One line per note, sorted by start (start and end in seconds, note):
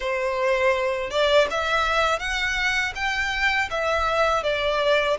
0.00 1.10 C5
1.10 1.47 D5
1.50 2.19 E5
2.19 2.93 F#5
2.95 3.69 G5
3.70 4.43 E5
4.43 5.17 D5